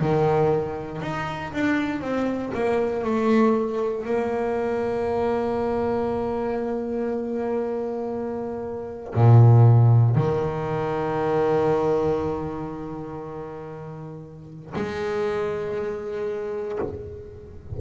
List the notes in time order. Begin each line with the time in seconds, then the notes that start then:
0.00 D#3
1.02 D#4
1.53 D4
2.01 C4
2.54 A#3
3.04 A3
4.05 A#3
9.15 A#2
10.16 D#3
14.75 G#3